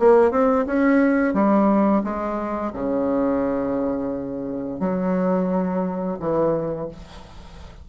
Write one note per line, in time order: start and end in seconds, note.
0.00 0.32 A#3
0.32 0.66 C4
0.66 1.34 C#4
1.34 2.03 G3
2.04 2.73 G#3
2.73 4.80 C#3
4.80 6.18 F#3
6.20 6.89 E3